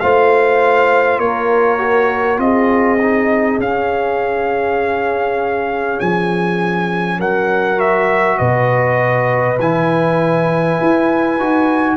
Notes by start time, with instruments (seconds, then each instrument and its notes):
0.00 tuba A3, trombone F4, horn C5, trumpet F5
1.18 tuba A#3, horn A#4, trumpet C#5
1.78 trombone F#4
2.38 tuba C4, trombone F4, horn G#4, trumpet D#5
3.01 trombone D#4
3.59 tuba C#4, trombone C#4, trumpet F5
6.00 tuba F3, trumpet G#5
7.19 tuba F#3, horn A#4, trumpet F#5
7.77 trombone F#4, trumpet E5
8.38 tuba B2, horn B4, trumpet D#5
9.59 tuba E3, trombone E4, trumpet G#5
10.81 tuba E4
11.39 tuba D#4, trombone F#4